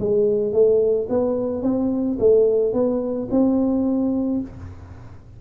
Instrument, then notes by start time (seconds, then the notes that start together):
tuba
0.00 G#3
0.53 A3
1.10 B3
1.63 C4
2.20 A3
2.74 B3
3.31 C4